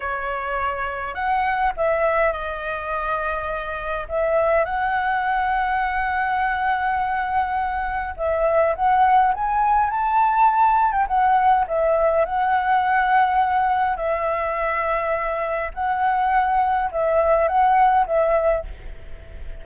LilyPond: \new Staff \with { instrumentName = "flute" } { \time 4/4 \tempo 4 = 103 cis''2 fis''4 e''4 | dis''2. e''4 | fis''1~ | fis''2 e''4 fis''4 |
gis''4 a''4.~ a''16 g''16 fis''4 | e''4 fis''2. | e''2. fis''4~ | fis''4 e''4 fis''4 e''4 | }